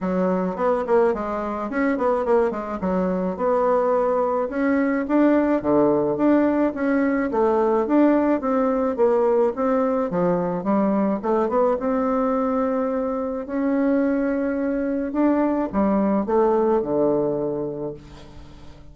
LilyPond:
\new Staff \with { instrumentName = "bassoon" } { \time 4/4 \tempo 4 = 107 fis4 b8 ais8 gis4 cis'8 b8 | ais8 gis8 fis4 b2 | cis'4 d'4 d4 d'4 | cis'4 a4 d'4 c'4 |
ais4 c'4 f4 g4 | a8 b8 c'2. | cis'2. d'4 | g4 a4 d2 | }